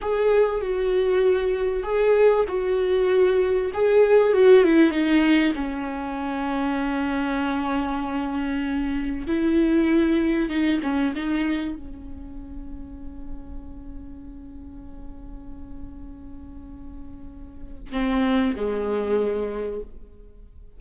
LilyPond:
\new Staff \with { instrumentName = "viola" } { \time 4/4 \tempo 4 = 97 gis'4 fis'2 gis'4 | fis'2 gis'4 fis'8 e'8 | dis'4 cis'2.~ | cis'2. e'4~ |
e'4 dis'8 cis'8 dis'4 cis'4~ | cis'1~ | cis'1~ | cis'4 c'4 gis2 | }